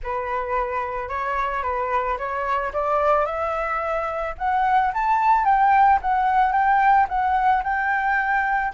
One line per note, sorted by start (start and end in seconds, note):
0.03 1.09 B4
1.09 1.62 C#5
1.62 2.17 B4
2.17 2.72 C#5
2.73 3.25 D5
3.25 4.34 E5
4.38 4.92 F#5
4.93 5.44 A5
5.44 5.99 G5
6.01 6.52 F#5
6.52 7.07 G5
7.08 7.63 F#5
7.63 8.72 G5